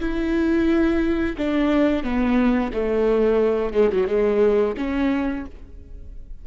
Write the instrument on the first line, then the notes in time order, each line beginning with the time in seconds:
viola
0.00 E4
1.38 D4
2.04 B3
2.73 A3
3.74 G#3
3.92 F#3
4.07 G#3
4.77 C#4